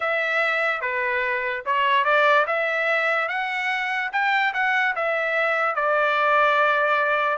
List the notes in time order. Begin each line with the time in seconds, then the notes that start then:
0.00 E5
0.81 B4
1.65 C#5
2.04 D5
2.46 E5
3.28 F#5
4.12 G5
4.53 F#5
4.95 E5
5.75 D5